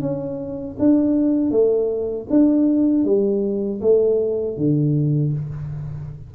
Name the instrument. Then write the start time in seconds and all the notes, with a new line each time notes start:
tuba
0.00 C#4
0.79 D4
1.51 A3
2.30 D4
3.04 G3
3.81 A3
4.57 D3